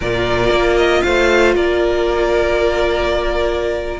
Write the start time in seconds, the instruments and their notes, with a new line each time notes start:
0.00 cello A#2, viola F4, violin A#4 D5
0.50 cello A#3
0.77 violin D#5
1.01 cello A3, violin C5 F5
1.55 cello A#3, violin A#4 D5